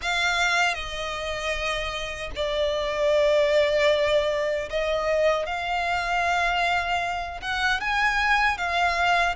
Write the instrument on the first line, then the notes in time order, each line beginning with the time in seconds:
violin
0.02 F5
0.74 D#5
2.35 D5
4.70 D#5
5.46 F5
7.41 F#5
7.80 G#5
8.57 F5